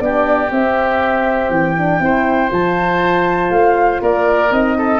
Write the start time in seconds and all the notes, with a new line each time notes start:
0.00 B3 D4 G4 D5
0.51 C4 E5
1.50 E3 G5
1.78 D4
2.00 C4 E4 C5
2.50 F3 F4 A5
3.50 A3 F5
4.01 A#3 A#4 D5
4.51 C4 D#4 D#5
4.78 A4